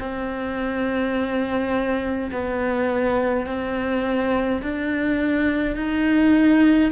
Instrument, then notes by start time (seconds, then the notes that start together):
cello
0.00 C4
2.32 B3
3.47 C4
4.63 D4
5.76 D#4